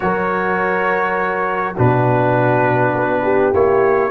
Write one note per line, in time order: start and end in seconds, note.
0.00 1.77 F#3
0.00 1.75 F#4
0.00 1.75 A#4
0.00 1.76 C#5
1.75 2.94 B2
1.75 3.54 D4
1.75 3.22 F#4
1.75 3.54 B4
2.94 3.53 B3
3.23 4.10 G4
3.53 4.10 A#3
3.53 4.10 E4
3.53 4.10 C#5